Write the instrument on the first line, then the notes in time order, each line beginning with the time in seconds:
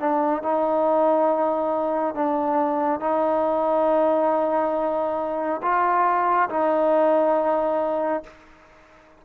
trombone
0.00 D4
0.43 D#4
2.15 D4
3.00 D#4
5.62 F4
6.50 D#4